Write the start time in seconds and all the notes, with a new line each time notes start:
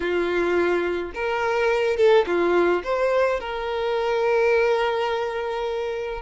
0.00 F4
1.14 A#4
1.97 A4
2.26 F4
2.83 C5
3.40 A#4